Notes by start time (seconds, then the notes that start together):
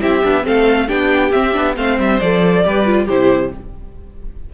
0.00 C4 E4 G4 E5
0.24 B3 D4
0.42 A3 C4 A4 F5
0.87 B3 D4 G4 G5
1.31 C4 E5
1.52 B3 D4
1.76 A3 C4 C5 F5
1.98 G3 E5
2.20 F3 A4 D5
2.64 G3 G4 B4
2.86 F4
3.05 C3 E4 G4 C5